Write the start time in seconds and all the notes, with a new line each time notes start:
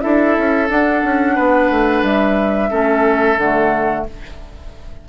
0.00 D4 E4 A4 E5
0.37 C#4
0.69 D4 F#5
1.04 C#4
1.35 B3 B4
1.70 A3
2.03 G3 E5
2.70 A3 C#4 A4
3.37 D3 A3 F#5